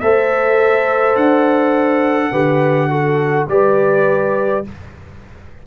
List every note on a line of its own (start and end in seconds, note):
0.00 1.16 A3
0.00 2.32 A4
0.00 2.31 C5
0.00 1.15 E5
1.16 2.31 D4
1.16 3.47 F#5
2.31 3.47 D3
2.31 2.89 G4
2.31 2.88 B4
2.89 3.47 F#4
2.89 3.48 A4
3.48 4.63 G3
3.48 4.64 G4
3.48 4.66 B4
3.48 4.65 D5